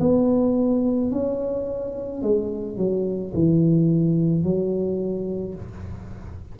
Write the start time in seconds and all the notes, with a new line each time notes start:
0.00 B3
1.11 C#4
2.22 G#3
2.77 F#3
3.34 E3
4.43 F#3